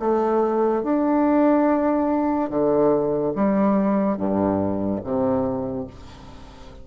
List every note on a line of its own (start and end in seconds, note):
0.00 0.83 A3
0.83 2.50 D4
2.50 3.33 D3
3.36 4.17 G3
4.17 5.01 G2
5.04 5.87 C3